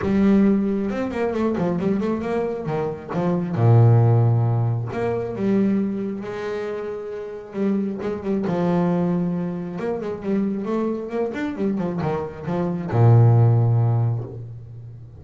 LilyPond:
\new Staff \with { instrumentName = "double bass" } { \time 4/4 \tempo 4 = 135 g2 c'8 ais8 a8 f8 | g8 a8 ais4 dis4 f4 | ais,2. ais4 | g2 gis2~ |
gis4 g4 gis8 g8 f4~ | f2 ais8 gis8 g4 | a4 ais8 d'8 g8 f8 dis4 | f4 ais,2. | }